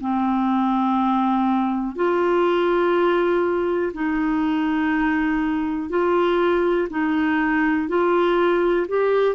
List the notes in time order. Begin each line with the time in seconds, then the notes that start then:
0.00 C4
1.95 F4
3.93 D#4
5.89 F4
6.89 D#4
7.88 F4
8.88 G4